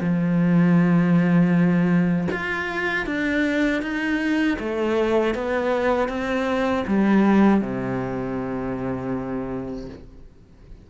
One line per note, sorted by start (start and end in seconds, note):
0.00 2.28 F3
2.31 3.06 F4
3.06 3.82 D4
3.82 4.58 D#4
4.59 5.34 A3
5.34 6.09 B3
6.09 6.85 C4
6.87 7.61 G3
7.61 9.89 C3